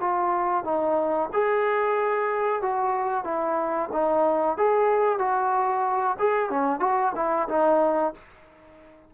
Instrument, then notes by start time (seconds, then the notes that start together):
trombone
0.00 F4
0.64 D#4
1.33 G#4
2.61 F#4
3.24 E4
3.92 D#4
4.57 G#4
5.18 F#4
6.19 G#4
6.50 C#4
6.80 F#4
7.15 E4
7.49 D#4